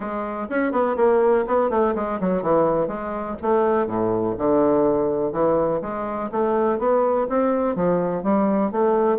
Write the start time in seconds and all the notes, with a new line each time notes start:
0.00 G#3
0.49 C#4
0.71 B3
0.96 A#3
1.47 B3
1.70 A3
1.95 G#3
2.20 F#3
2.42 E3
2.87 G#3
3.42 A3
3.86 A2
4.38 D3
5.32 E3
5.81 G#3
6.31 A3
6.79 B3
7.29 C4
7.75 F3
8.23 G3
8.71 A3